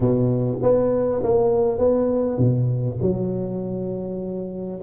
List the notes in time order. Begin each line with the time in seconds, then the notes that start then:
0.00 B2
0.62 B3
1.23 A#3
1.78 B3
2.38 B2
3.01 F#3